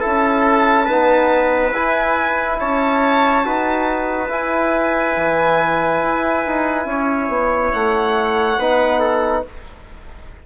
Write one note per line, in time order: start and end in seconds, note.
0.00 0.88 C#4
0.00 0.86 E4
0.00 0.85 A4
0.00 1.72 A5
0.85 1.73 B3
0.85 1.71 D#4
0.85 2.56 B4
1.71 2.57 E4
1.71 3.44 E4
1.71 2.59 G#5
2.59 3.45 C#4
2.59 3.45 C#5
2.59 4.31 A5
3.44 4.29 D#4
3.44 4.27 F#4
3.44 6.88 B4
4.27 8.56 E4
4.27 5.15 E4
4.27 7.71 G#5
5.16 6.02 E3
6.02 6.45 E4
6.45 6.85 D#4
6.85 7.28 C#4
6.85 8.59 C#5
7.28 7.71 B3
7.71 8.57 A3
7.71 9.43 F#5
8.57 9.43 B3
8.57 9.46 D#4
8.57 8.99 B4
8.99 9.42 A4